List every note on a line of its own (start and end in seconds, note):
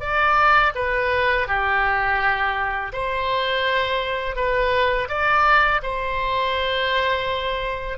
0.00 0.72 D5
0.75 1.47 B4
1.47 2.92 G4
2.92 4.36 C5
4.36 5.08 B4
5.09 5.81 D5
5.83 7.98 C5